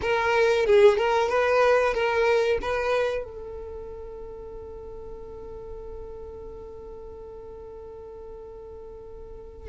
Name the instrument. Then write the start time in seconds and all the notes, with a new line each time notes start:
violin
0.01 A#4
0.65 G#4
0.97 A#4
1.29 B4
1.94 A#4
2.61 B4
3.23 A4